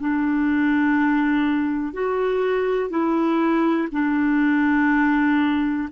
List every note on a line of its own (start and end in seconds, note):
0.00 1.93 D4
1.93 2.90 F#4
2.90 3.89 E4
3.92 5.88 D4